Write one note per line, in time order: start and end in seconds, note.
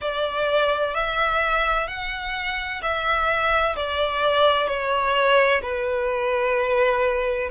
0.01 0.94 D5
0.94 1.87 E5
1.87 2.81 F#5
2.81 3.75 E5
3.75 4.67 D5
4.67 5.61 C#5
5.62 7.49 B4